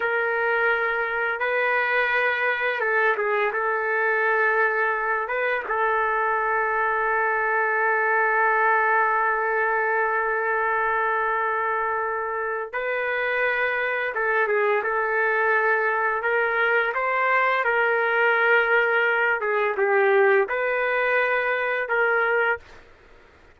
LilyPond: \new Staff \with { instrumentName = "trumpet" } { \time 4/4 \tempo 4 = 85 ais'2 b'2 | a'8 gis'8 a'2~ a'8 b'8 | a'1~ | a'1~ |
a'2 b'2 | a'8 gis'8 a'2 ais'4 | c''4 ais'2~ ais'8 gis'8 | g'4 b'2 ais'4 | }